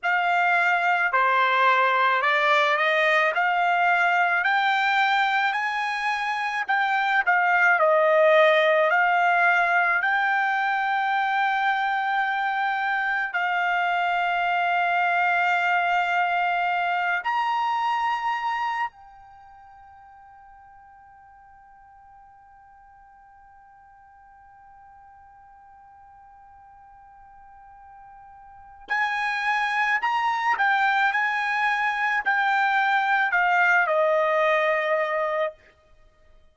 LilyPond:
\new Staff \with { instrumentName = "trumpet" } { \time 4/4 \tempo 4 = 54 f''4 c''4 d''8 dis''8 f''4 | g''4 gis''4 g''8 f''8 dis''4 | f''4 g''2. | f''2.~ f''8 ais''8~ |
ais''4 g''2.~ | g''1~ | g''2 gis''4 ais''8 g''8 | gis''4 g''4 f''8 dis''4. | }